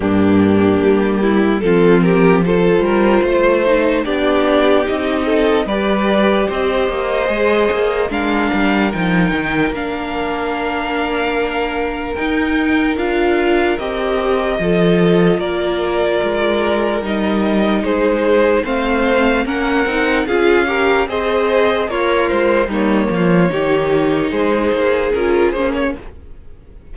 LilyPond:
<<
  \new Staff \with { instrumentName = "violin" } { \time 4/4 \tempo 4 = 74 g'2 a'8 ais'8 c''4~ | c''4 d''4 dis''4 d''4 | dis''2 f''4 g''4 | f''2. g''4 |
f''4 dis''2 d''4~ | d''4 dis''4 c''4 f''4 | fis''4 f''4 dis''4 cis''8 c''8 | cis''2 c''4 ais'8 c''16 cis''16 | }
  \new Staff \with { instrumentName = "violin" } { \time 4/4 d'4. e'8 f'8 g'8 a'8 ais'8 | c''4 g'4. a'8 b'4 | c''2 ais'2~ | ais'1~ |
ais'2 a'4 ais'4~ | ais'2 gis'4 c''4 | ais'4 gis'8 ais'8 c''4 f'4 | dis'8 f'8 g'4 gis'2 | }
  \new Staff \with { instrumentName = "viola" } { \time 4/4 ais2 c'4 f'4~ | f'8 dis'8 d'4 dis'4 g'4~ | g'4 gis'4 d'4 dis'4 | d'2. dis'4 |
f'4 g'4 f'2~ | f'4 dis'2 c'4 | cis'8 dis'8 f'8 g'8 gis'4 ais'4 | ais4 dis'2 f'8 cis'8 | }
  \new Staff \with { instrumentName = "cello" } { \time 4/4 g,4 g4 f4. g8 | a4 b4 c'4 g4 | c'8 ais8 gis8 ais8 gis8 g8 f8 dis8 | ais2. dis'4 |
d'4 c'4 f4 ais4 | gis4 g4 gis4 a4 | ais8 c'8 cis'4 c'4 ais8 gis8 | g8 f8 dis4 gis8 ais8 cis'8 ais8 | }
>>